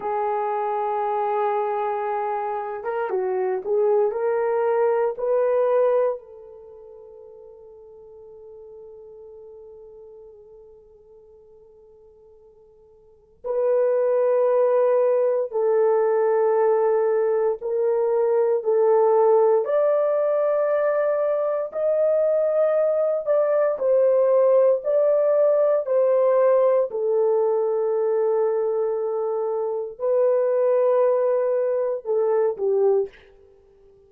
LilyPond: \new Staff \with { instrumentName = "horn" } { \time 4/4 \tempo 4 = 58 gis'2~ gis'8. ais'16 fis'8 gis'8 | ais'4 b'4 a'2~ | a'1~ | a'4 b'2 a'4~ |
a'4 ais'4 a'4 d''4~ | d''4 dis''4. d''8 c''4 | d''4 c''4 a'2~ | a'4 b'2 a'8 g'8 | }